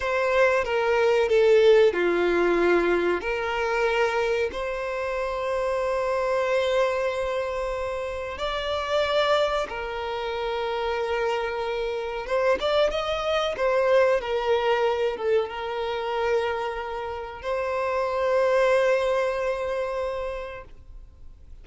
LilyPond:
\new Staff \with { instrumentName = "violin" } { \time 4/4 \tempo 4 = 93 c''4 ais'4 a'4 f'4~ | f'4 ais'2 c''4~ | c''1~ | c''4 d''2 ais'4~ |
ais'2. c''8 d''8 | dis''4 c''4 ais'4. a'8 | ais'2. c''4~ | c''1 | }